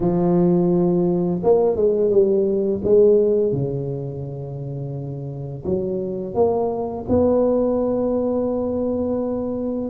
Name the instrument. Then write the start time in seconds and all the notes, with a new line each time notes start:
tuba
0.00 F3
1.43 A#3
1.76 G#3
2.10 G3
2.84 G#3
3.52 C#3
5.65 F#3
6.34 A#3
7.08 B3